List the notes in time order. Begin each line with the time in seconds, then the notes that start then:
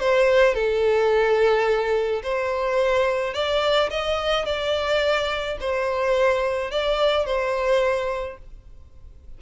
0.00 C5
0.55 A4
2.23 C5
3.34 D5
3.90 D#5
4.46 D5
5.61 C5
6.71 D5
7.26 C5